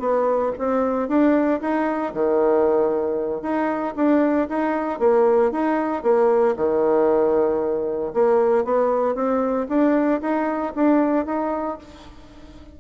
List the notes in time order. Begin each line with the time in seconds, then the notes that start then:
0.00 B3
0.59 C4
1.09 D4
1.61 D#4
2.14 D#3
3.42 D#4
3.96 D4
4.49 D#4
5.00 A#3
5.52 D#4
6.03 A#3
6.57 D#3
8.14 A#3
8.65 B3
9.15 C4
9.69 D4
10.21 D#4
10.75 D4
11.26 D#4